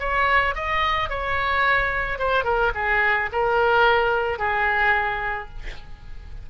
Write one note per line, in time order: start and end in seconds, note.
0.00 0.55 C#5
0.55 1.09 D#5
1.09 2.19 C#5
2.19 2.44 C5
2.44 2.72 A#4
2.75 3.30 G#4
3.32 4.39 A#4
4.39 5.49 G#4